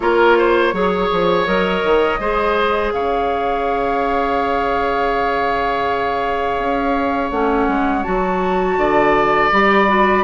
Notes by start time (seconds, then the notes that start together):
0.00 A#3 F4 A#4 C#5
0.38 C5
0.72 F#3 G#4 C#5
1.12 F3
1.46 F#3 A#4 D#5
1.83 D#3
2.19 G#3 G#4 C5
2.92 C#3 C#5 F5
6.58 C#4
7.31 A3 C#4 F#5
7.67 G#3
8.03 F#3 F#4 A5
8.77 D3 D5
9.51 G3 G4 B5
9.87 F#4